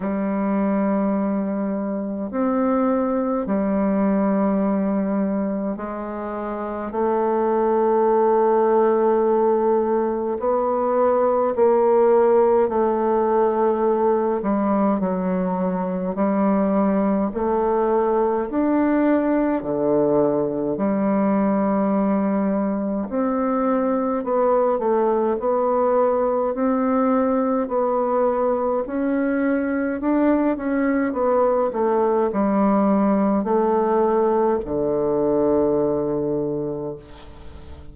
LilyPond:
\new Staff \with { instrumentName = "bassoon" } { \time 4/4 \tempo 4 = 52 g2 c'4 g4~ | g4 gis4 a2~ | a4 b4 ais4 a4~ | a8 g8 fis4 g4 a4 |
d'4 d4 g2 | c'4 b8 a8 b4 c'4 | b4 cis'4 d'8 cis'8 b8 a8 | g4 a4 d2 | }